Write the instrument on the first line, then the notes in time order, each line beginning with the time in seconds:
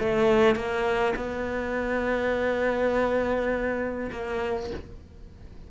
cello
0.00 A3
0.56 A#3
1.16 B3
4.12 A#3